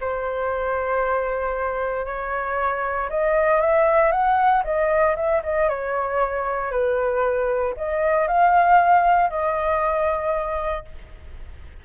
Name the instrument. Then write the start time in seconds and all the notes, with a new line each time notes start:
flute
0.00 C5
2.05 C#5
3.09 D#5
3.61 E5
4.11 F#5
4.64 D#5
5.16 E5
5.43 D#5
5.68 C#5
6.71 B4
7.76 D#5
8.27 F5
9.30 D#5